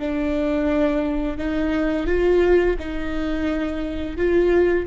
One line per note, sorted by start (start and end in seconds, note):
0.00 1.38 D4
1.38 2.07 D#4
2.07 2.77 F4
2.79 4.17 D#4
4.17 4.86 F4